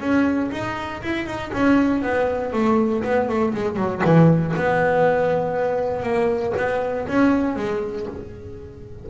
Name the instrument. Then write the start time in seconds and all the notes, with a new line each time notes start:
double bass
0.00 C#4
0.52 D#4
1.02 E4
1.26 D#4
1.53 C#4
2.02 B3
2.53 A3
3.04 B3
3.29 A3
3.55 G#3
3.77 F#3
4.05 E3
4.56 B3
6.03 A#3
6.57 B3
7.08 C#4
7.56 G#3